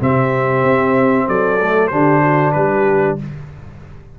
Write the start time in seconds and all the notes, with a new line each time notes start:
0.00 C3 C4 G4 E5
0.63 C4
1.27 F#3 A4 D5
1.61 A3
1.88 D3 D4 G4 C5
2.22 F#4
2.52 G3 G4 B4